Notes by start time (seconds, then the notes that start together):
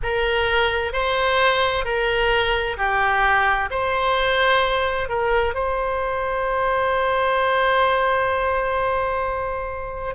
0.03 A#4
0.92 C5
1.84 A#4
2.77 G4
3.70 C5
5.09 A#4
5.54 C5